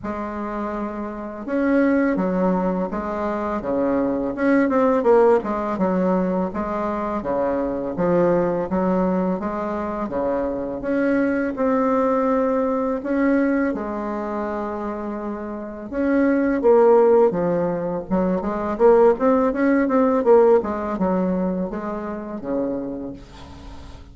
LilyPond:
\new Staff \with { instrumentName = "bassoon" } { \time 4/4 \tempo 4 = 83 gis2 cis'4 fis4 | gis4 cis4 cis'8 c'8 ais8 gis8 | fis4 gis4 cis4 f4 | fis4 gis4 cis4 cis'4 |
c'2 cis'4 gis4~ | gis2 cis'4 ais4 | f4 fis8 gis8 ais8 c'8 cis'8 c'8 | ais8 gis8 fis4 gis4 cis4 | }